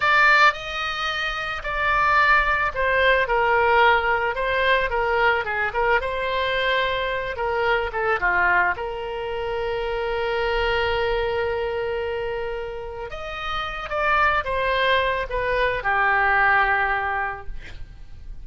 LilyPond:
\new Staff \with { instrumentName = "oboe" } { \time 4/4 \tempo 4 = 110 d''4 dis''2 d''4~ | d''4 c''4 ais'2 | c''4 ais'4 gis'8 ais'8 c''4~ | c''4. ais'4 a'8 f'4 |
ais'1~ | ais'1 | dis''4. d''4 c''4. | b'4 g'2. | }